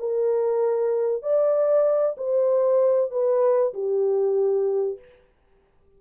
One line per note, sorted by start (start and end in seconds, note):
0.00 1.22 A#4
1.22 2.16 D5
2.17 3.11 C5
3.11 3.73 B4
3.74 4.99 G4